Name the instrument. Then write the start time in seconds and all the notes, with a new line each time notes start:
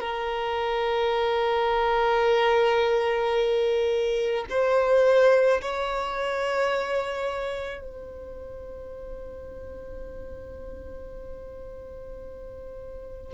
violin
0.00 A#4
4.49 C5
5.61 C#5
7.80 C5